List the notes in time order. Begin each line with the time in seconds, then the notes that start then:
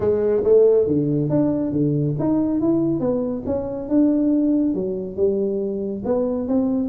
0.00 G#3
0.44 A3
0.87 D3
1.29 D4
1.72 D3
2.19 D#4
2.60 E4
3.00 B3
3.45 C#4
3.88 D4
4.74 F#3
5.16 G3
6.05 B3
6.47 C4